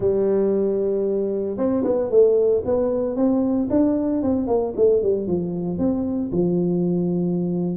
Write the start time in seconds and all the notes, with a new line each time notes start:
0.00 G3
1.57 C4
1.84 B3
2.10 A3
2.65 B3
3.16 C4
3.70 D4
4.22 C4
4.47 A#3
4.76 A3
5.02 G3
5.27 F3
5.78 C4
6.32 F3